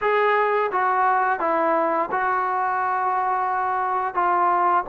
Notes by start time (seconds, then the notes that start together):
0.01 G#4
0.71 F#4
1.39 E4
2.11 F#4
4.14 F4